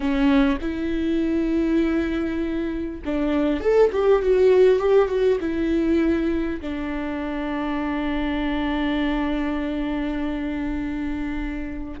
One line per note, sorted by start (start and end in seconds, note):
0.00 0.58 C#4
0.61 3.01 E4
3.05 3.60 D4
3.60 3.90 A4
3.92 4.22 G4
4.22 4.79 F#4
4.79 5.08 G4
5.08 5.38 F#4
5.40 6.60 E4
6.60 12.00 D4